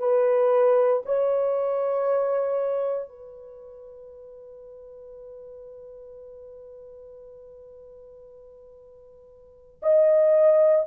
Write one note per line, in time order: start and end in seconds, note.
0.00 1.03 B4
1.06 3.09 C#5
3.09 9.82 B4
9.83 10.87 D#5